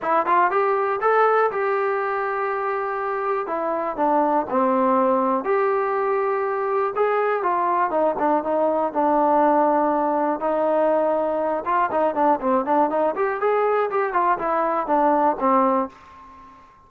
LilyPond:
\new Staff \with { instrumentName = "trombone" } { \time 4/4 \tempo 4 = 121 e'8 f'8 g'4 a'4 g'4~ | g'2. e'4 | d'4 c'2 g'4~ | g'2 gis'4 f'4 |
dis'8 d'8 dis'4 d'2~ | d'4 dis'2~ dis'8 f'8 | dis'8 d'8 c'8 d'8 dis'8 g'8 gis'4 | g'8 f'8 e'4 d'4 c'4 | }